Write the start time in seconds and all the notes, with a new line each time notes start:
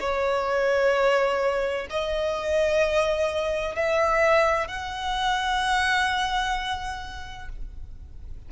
0.00 C#5
1.90 D#5
3.75 E5
4.67 F#5